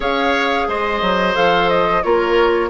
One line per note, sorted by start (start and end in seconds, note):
0.00 0.66 C#4
0.00 1.34 G#4
0.00 0.67 C#5
0.00 0.69 F5
0.68 1.01 G#3
0.68 2.03 C5
0.68 1.35 D#5
1.01 1.35 F#3
1.35 2.03 F3
1.35 2.02 A4
1.35 1.69 F5
1.69 2.02 D#5
2.02 2.69 A#3
2.02 2.69 F4
2.02 2.69 A#4
2.02 2.69 C#5